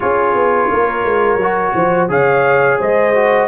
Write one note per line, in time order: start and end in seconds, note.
0.00 0.34 C#4
0.00 1.40 F4
0.00 0.70 G#4
0.00 2.08 C#5
0.34 0.69 B3
0.71 1.04 A#3
0.71 1.74 A#4
1.04 1.36 G#3
1.36 1.71 F#3
1.36 2.09 F#4
1.74 2.08 F3
1.74 2.09 C5
2.08 2.78 C#3
2.08 3.13 G#4
2.08 2.78 C#5
2.08 2.80 F5
2.78 3.48 G#3
2.78 3.48 C5
2.78 3.48 D#5
3.15 3.48 F#4